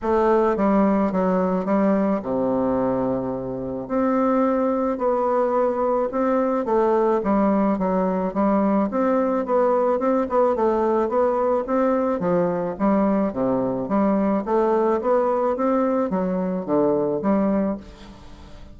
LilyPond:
\new Staff \with { instrumentName = "bassoon" } { \time 4/4 \tempo 4 = 108 a4 g4 fis4 g4 | c2. c'4~ | c'4 b2 c'4 | a4 g4 fis4 g4 |
c'4 b4 c'8 b8 a4 | b4 c'4 f4 g4 | c4 g4 a4 b4 | c'4 fis4 d4 g4 | }